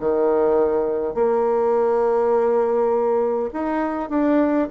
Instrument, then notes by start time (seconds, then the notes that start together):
bassoon
0.00 D#3
1.14 A#3
3.53 D#4
4.09 D4